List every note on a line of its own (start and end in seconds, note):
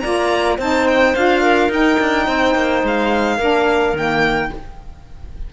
0.00 0.58 A#3
0.00 0.58 F4
0.00 0.58 D5
0.00 0.56 A#5
0.58 1.14 C4
0.58 1.16 D#4
0.58 1.42 C5
0.58 0.88 A5
0.88 1.15 G5
1.15 1.69 D4
1.15 1.70 F4
1.15 1.71 F5
1.42 2.26 A#4
1.69 1.97 D#4
1.69 3.39 D#4
1.69 2.86 G5
2.00 2.27 D4
2.27 2.55 C4
2.27 3.37 C5
2.55 2.83 A#3
2.83 3.39 G#3
2.83 3.97 F5
3.37 3.93 A#3
3.37 3.95 D4
3.37 4.50 A#4
3.93 4.49 D#3
3.93 4.51 A#3
3.93 4.53 G5